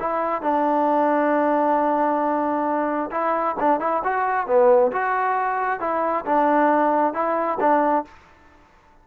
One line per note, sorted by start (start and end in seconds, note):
0.00 0.42 E4
0.42 3.10 D4
3.11 3.56 E4
3.59 3.80 D4
3.80 4.02 E4
4.04 4.47 F#4
4.47 4.91 B3
4.92 5.80 F#4
5.80 6.25 E4
6.26 7.13 D4
7.13 7.58 E4
7.60 8.05 D4